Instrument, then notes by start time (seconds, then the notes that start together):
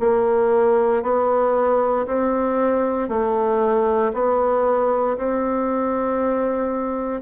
bassoon
0.00 A#3
1.03 B3
2.07 C4
3.09 A3
4.14 B3
5.18 C4